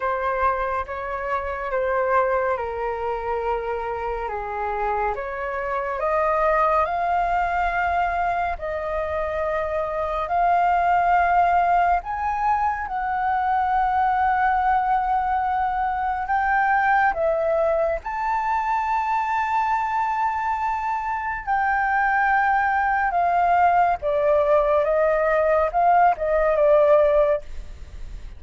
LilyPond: \new Staff \with { instrumentName = "flute" } { \time 4/4 \tempo 4 = 70 c''4 cis''4 c''4 ais'4~ | ais'4 gis'4 cis''4 dis''4 | f''2 dis''2 | f''2 gis''4 fis''4~ |
fis''2. g''4 | e''4 a''2.~ | a''4 g''2 f''4 | d''4 dis''4 f''8 dis''8 d''4 | }